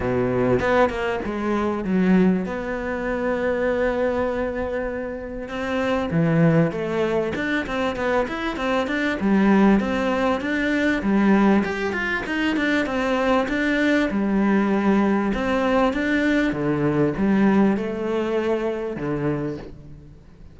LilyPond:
\new Staff \with { instrumentName = "cello" } { \time 4/4 \tempo 4 = 98 b,4 b8 ais8 gis4 fis4 | b1~ | b4 c'4 e4 a4 | d'8 c'8 b8 e'8 c'8 d'8 g4 |
c'4 d'4 g4 g'8 f'8 | dis'8 d'8 c'4 d'4 g4~ | g4 c'4 d'4 d4 | g4 a2 d4 | }